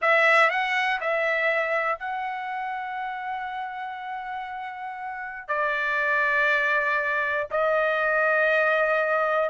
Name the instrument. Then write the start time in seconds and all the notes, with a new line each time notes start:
trumpet
0.01 E5
0.50 F#5
1.00 E5
1.99 F#5
5.47 D5
7.50 D#5